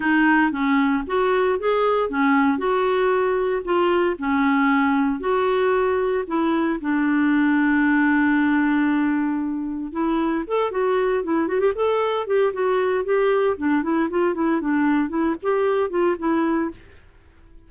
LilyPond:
\new Staff \with { instrumentName = "clarinet" } { \time 4/4 \tempo 4 = 115 dis'4 cis'4 fis'4 gis'4 | cis'4 fis'2 f'4 | cis'2 fis'2 | e'4 d'2.~ |
d'2. e'4 | a'8 fis'4 e'8 fis'16 g'16 a'4 g'8 | fis'4 g'4 d'8 e'8 f'8 e'8 | d'4 e'8 g'4 f'8 e'4 | }